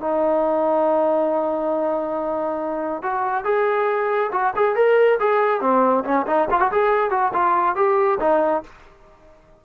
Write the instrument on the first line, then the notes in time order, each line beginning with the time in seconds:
trombone
0.00 D#4
3.02 F#4
3.44 G#4
4.32 F#4
4.56 G#4
4.75 A#4
5.19 G#4
5.60 C4
6.04 C#4
6.26 D#4
6.50 F4
6.60 F#4
6.71 G#4
7.10 F#4
7.33 F4
7.75 G4
8.20 D#4